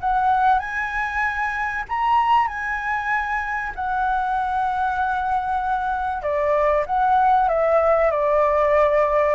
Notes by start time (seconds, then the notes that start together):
0.00 F#5
0.59 G#5
1.88 A#5
2.47 G#5
3.75 F#5
6.22 D5
6.86 F#5
7.48 E5
8.11 D5